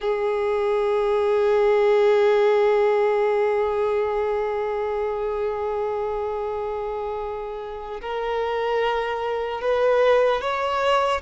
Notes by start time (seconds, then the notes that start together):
0.00 G#4
8.01 A#4
9.61 B4
10.41 C#5